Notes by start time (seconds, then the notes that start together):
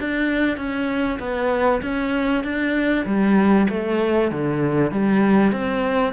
0.00 D4
0.57 C#4
1.20 B3
1.82 C#4
2.44 D4
3.06 G3
3.70 A3
4.32 D3
4.92 G3
5.52 C4